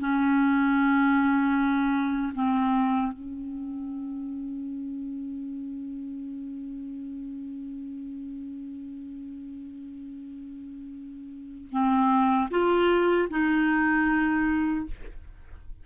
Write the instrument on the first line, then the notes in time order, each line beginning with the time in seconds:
clarinet
0.00 C#4
2.35 C4
3.13 C#4
11.72 C4
12.51 F4
13.30 D#4